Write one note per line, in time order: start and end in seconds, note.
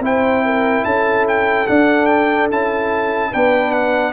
0.00 0.82 C4
0.00 1.66 E4
0.00 0.46 C5
0.00 0.85 G5
0.46 0.85 A#4
0.85 1.68 C#4
0.85 3.32 A4
0.85 1.26 A5
1.28 1.68 G5
1.68 2.51 D4
1.68 2.07 F#5
2.07 2.48 G5
2.51 3.33 C#4
2.51 3.32 E4
2.51 3.34 A5
3.32 4.14 B3
3.32 4.14 D4
3.32 4.14 B4
3.32 3.72 G5
3.72 4.13 F#5